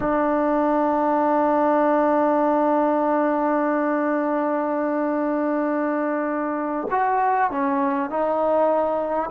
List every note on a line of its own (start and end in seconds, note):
0.00 6.87 D4
6.91 7.50 F#4
7.50 8.09 C#4
8.09 9.29 D#4